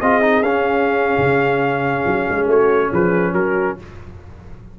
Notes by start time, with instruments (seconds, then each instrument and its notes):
0.00 tuba C4, trombone F4, horn G#4, trumpet D#5
0.22 trombone D#4
0.42 tuba C#4, trombone C#4, trumpet F5
1.18 tuba C#3
2.06 tuba F#3
2.30 tuba G#3
2.47 tuba A3, horn F#4, trumpet C#5
2.90 tuba F3, horn G#4, trumpet B4
3.33 tuba F#3, horn F#4, trumpet A#4